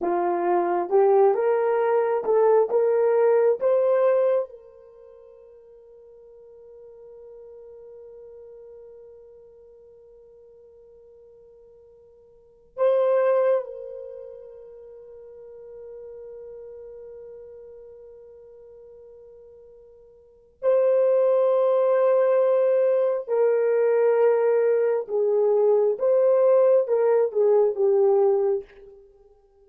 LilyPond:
\new Staff \with { instrumentName = "horn" } { \time 4/4 \tempo 4 = 67 f'4 g'8 ais'4 a'8 ais'4 | c''4 ais'2.~ | ais'1~ | ais'2~ ais'16 c''4 ais'8.~ |
ais'1~ | ais'2. c''4~ | c''2 ais'2 | gis'4 c''4 ais'8 gis'8 g'4 | }